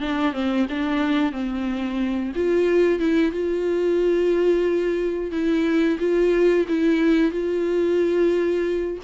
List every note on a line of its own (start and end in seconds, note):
0.00 0.33 D4
0.33 0.66 C4
0.69 1.32 D4
1.32 2.32 C4
2.35 2.99 F4
2.99 3.32 E4
3.32 5.31 F4
5.31 5.98 E4
5.99 6.66 F4
6.68 7.31 E4
7.31 8.98 F4